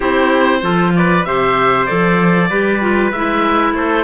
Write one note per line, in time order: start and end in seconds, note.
0.00 0.62 C4
0.00 0.62 E4
0.00 0.61 G4
0.00 0.93 C5
0.62 1.24 F3
0.62 1.24 F4
0.62 0.95 A4
0.95 1.27 B4
0.95 1.24 D5
1.24 1.87 C3
1.24 1.87 G4
1.24 2.49 C5
1.24 1.86 E5
1.86 2.50 F3
1.86 2.49 A4
1.86 3.11 D5
2.49 3.12 G3
2.49 2.80 G4
2.49 3.74 B4
2.80 3.11 F4
3.11 3.73 G#3
3.11 4.04 E4
3.11 3.74 E5
3.73 4.04 A3
3.73 4.04 A4
3.73 4.04 C5